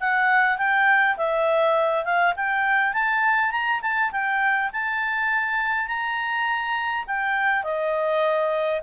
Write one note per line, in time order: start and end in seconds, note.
0.00 0.57 F#5
0.57 1.16 G5
1.17 2.04 E5
2.04 2.34 F5
2.36 2.93 G5
2.93 3.51 A5
3.51 3.80 A#5
3.82 4.11 A5
4.11 4.70 G5
4.72 5.87 A5
5.87 7.05 A#5
7.07 7.63 G5
7.63 8.81 D#5